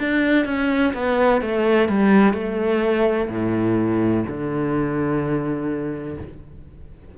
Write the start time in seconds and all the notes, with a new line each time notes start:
0.00 D4
0.46 C#4
0.94 B3
1.42 A3
1.89 G3
2.34 A3
3.29 A2
4.28 D3